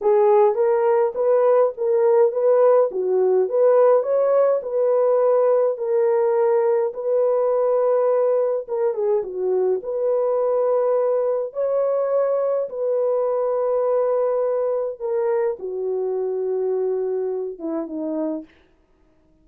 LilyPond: \new Staff \with { instrumentName = "horn" } { \time 4/4 \tempo 4 = 104 gis'4 ais'4 b'4 ais'4 | b'4 fis'4 b'4 cis''4 | b'2 ais'2 | b'2. ais'8 gis'8 |
fis'4 b'2. | cis''2 b'2~ | b'2 ais'4 fis'4~ | fis'2~ fis'8 e'8 dis'4 | }